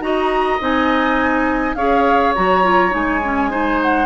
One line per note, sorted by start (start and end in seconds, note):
0.00 0.58 D#4
0.00 0.59 F#4
0.00 1.76 D#5
0.00 0.59 A#5
0.59 1.75 C4
0.59 1.76 D#4
0.59 1.74 G#5
1.74 2.33 C#4
1.74 2.35 G#4
1.74 3.50 C#5
1.74 2.33 F5
2.35 2.94 F#3
2.35 2.63 F#4
2.35 2.93 A#5
2.63 2.90 F4
2.90 4.06 G#3
2.90 3.19 D#4
2.90 3.81 G#5
3.24 3.50 C#4
3.50 4.06 D#4
3.50 4.06 C5
3.82 4.06 F#5